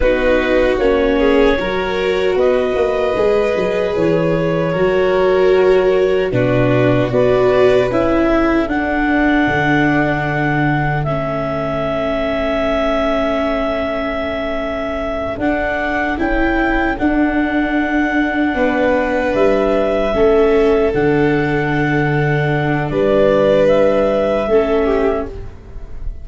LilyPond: <<
  \new Staff \with { instrumentName = "clarinet" } { \time 4/4 \tempo 4 = 76 b'4 cis''2 dis''4~ | dis''4 cis''2. | b'4 d''4 e''4 fis''4~ | fis''2 e''2~ |
e''2.~ e''8 fis''8~ | fis''8 g''4 fis''2~ fis''8~ | fis''8 e''2 fis''4.~ | fis''4 d''4 e''2 | }
  \new Staff \with { instrumentName = "violin" } { \time 4/4 fis'4. gis'8 ais'4 b'4~ | b'2 ais'2 | fis'4 b'4. a'4.~ | a'1~ |
a'1~ | a'2.~ a'8 b'8~ | b'4. a'2~ a'8~ | a'4 b'2 a'8 g'8 | }
  \new Staff \with { instrumentName = "viola" } { \time 4/4 dis'4 cis'4 fis'2 | gis'2 fis'2 | d'4 fis'4 e'4 d'4~ | d'2 cis'2~ |
cis'2.~ cis'8 d'8~ | d'8 e'4 d'2~ d'8~ | d'4. cis'4 d'4.~ | d'2. cis'4 | }
  \new Staff \with { instrumentName = "tuba" } { \time 4/4 b4 ais4 fis4 b8 ais8 | gis8 fis8 e4 fis2 | b,4 b4 cis'4 d'4 | d2 a2~ |
a2.~ a8 d'8~ | d'8 cis'4 d'2 b8~ | b8 g4 a4 d4.~ | d4 g2 a4 | }
>>